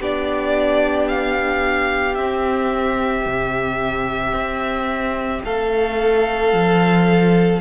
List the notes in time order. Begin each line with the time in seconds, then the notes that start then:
0.00 B3 D4 G4 D5
1.08 F5
2.15 C4 E5
3.26 C3
4.33 C4
5.45 A3 A4 F5
6.53 F3